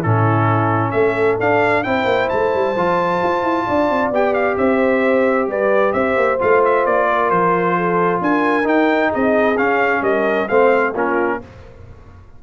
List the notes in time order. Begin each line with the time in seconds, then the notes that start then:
0.00 A2 C#4 E4 A4
0.91 A3 A4 E5
1.40 D4 F5
1.83 C4 E4 C5 G5
2.05 A#3
2.29 A3 A5
2.55 G3
2.76 F3 F4
3.23 F4
3.43 E4
3.66 D4 D5
3.90 C4
4.11 B3 G4 G5
4.34 F5
4.57 C4 C5 E5
5.48 G3 B4 D5
5.93 C4 C5 E5
6.17 A#3
6.39 A3 F4 F5
6.65 E5
6.86 A#3 D5
7.10 A#4
7.30 F3 C5
7.77 A4
8.21 D4 A#4 G#5
8.64 D#4 G5
9.10 C4 G#4 D#5
9.57 C#4 F5
10.01 G3 A#4 D#5
10.48 A3 C4 C5 F5
10.94 A#3 C#4 F4 A#4